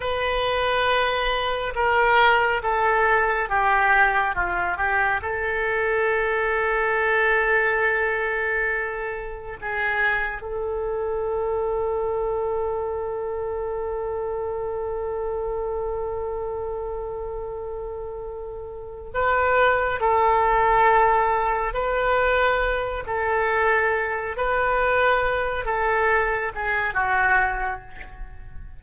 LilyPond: \new Staff \with { instrumentName = "oboe" } { \time 4/4 \tempo 4 = 69 b'2 ais'4 a'4 | g'4 f'8 g'8 a'2~ | a'2. gis'4 | a'1~ |
a'1~ | a'2 b'4 a'4~ | a'4 b'4. a'4. | b'4. a'4 gis'8 fis'4 | }